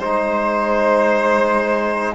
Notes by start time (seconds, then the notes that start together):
0.00 G#3 D#4 C5